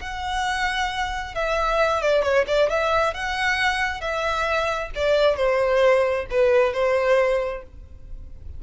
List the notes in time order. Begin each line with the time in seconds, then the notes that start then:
0.00 F#5
1.35 E5
2.01 D5
2.22 C#5
2.47 D5
2.69 E5
3.14 F#5
4.01 E5
4.95 D5
5.36 C5
6.30 B4
6.73 C5